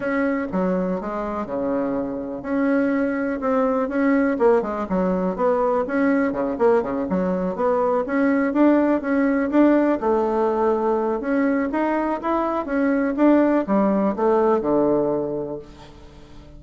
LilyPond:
\new Staff \with { instrumentName = "bassoon" } { \time 4/4 \tempo 4 = 123 cis'4 fis4 gis4 cis4~ | cis4 cis'2 c'4 | cis'4 ais8 gis8 fis4 b4 | cis'4 cis8 ais8 cis8 fis4 b8~ |
b8 cis'4 d'4 cis'4 d'8~ | d'8 a2~ a8 cis'4 | dis'4 e'4 cis'4 d'4 | g4 a4 d2 | }